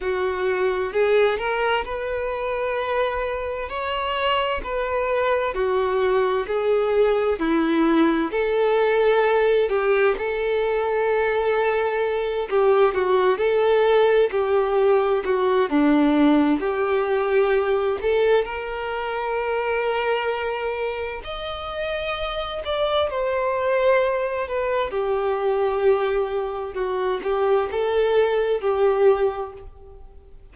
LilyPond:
\new Staff \with { instrumentName = "violin" } { \time 4/4 \tempo 4 = 65 fis'4 gis'8 ais'8 b'2 | cis''4 b'4 fis'4 gis'4 | e'4 a'4. g'8 a'4~ | a'4. g'8 fis'8 a'4 g'8~ |
g'8 fis'8 d'4 g'4. a'8 | ais'2. dis''4~ | dis''8 d''8 c''4. b'8 g'4~ | g'4 fis'8 g'8 a'4 g'4 | }